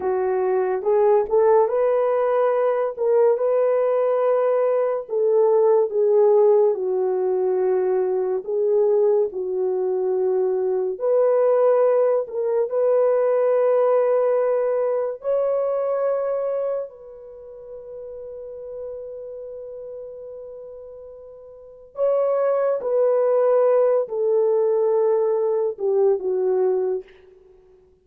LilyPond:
\new Staff \with { instrumentName = "horn" } { \time 4/4 \tempo 4 = 71 fis'4 gis'8 a'8 b'4. ais'8 | b'2 a'4 gis'4 | fis'2 gis'4 fis'4~ | fis'4 b'4. ais'8 b'4~ |
b'2 cis''2 | b'1~ | b'2 cis''4 b'4~ | b'8 a'2 g'8 fis'4 | }